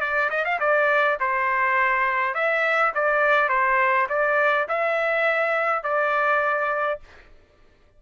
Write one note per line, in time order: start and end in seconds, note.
0.00 0.29 D5
0.30 0.44 D#5
0.44 0.59 F5
0.59 1.18 D5
1.20 2.34 C5
2.34 2.92 E5
2.94 3.48 D5
3.48 4.07 C5
4.09 4.67 D5
4.68 5.83 E5
5.83 7.00 D5